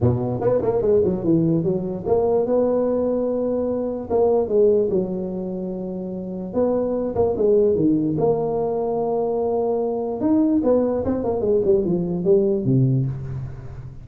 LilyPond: \new Staff \with { instrumentName = "tuba" } { \time 4/4 \tempo 4 = 147 b,4 b8 ais8 gis8 fis8 e4 | fis4 ais4 b2~ | b2 ais4 gis4 | fis1 |
b4. ais8 gis4 dis4 | ais1~ | ais4 dis'4 b4 c'8 ais8 | gis8 g8 f4 g4 c4 | }